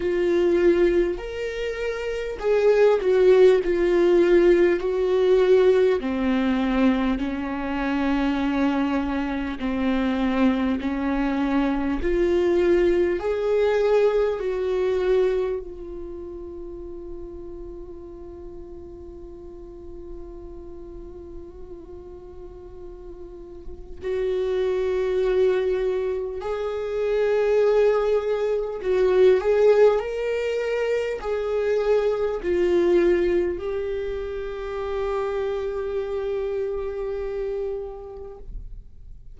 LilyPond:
\new Staff \with { instrumentName = "viola" } { \time 4/4 \tempo 4 = 50 f'4 ais'4 gis'8 fis'8 f'4 | fis'4 c'4 cis'2 | c'4 cis'4 f'4 gis'4 | fis'4 f'2.~ |
f'1 | fis'2 gis'2 | fis'8 gis'8 ais'4 gis'4 f'4 | g'1 | }